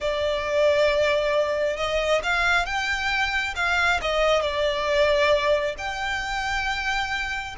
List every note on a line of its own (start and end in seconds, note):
0.00 1.77 D5
1.77 2.21 D#5
2.23 2.65 F5
2.65 3.54 G5
3.55 4.00 F5
4.01 4.41 D#5
4.41 5.75 D5
5.77 7.55 G5